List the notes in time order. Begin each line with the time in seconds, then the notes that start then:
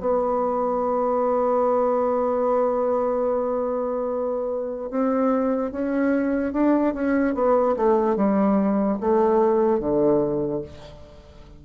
0.00 B3
4.90 C4
5.72 C#4
6.53 D4
6.95 C#4
7.34 B3
7.77 A3
8.16 G3
9.00 A3
9.80 D3